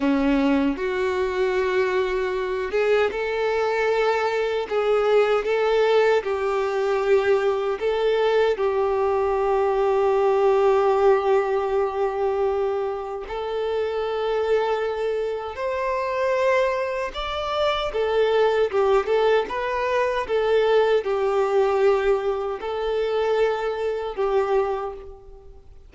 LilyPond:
\new Staff \with { instrumentName = "violin" } { \time 4/4 \tempo 4 = 77 cis'4 fis'2~ fis'8 gis'8 | a'2 gis'4 a'4 | g'2 a'4 g'4~ | g'1~ |
g'4 a'2. | c''2 d''4 a'4 | g'8 a'8 b'4 a'4 g'4~ | g'4 a'2 g'4 | }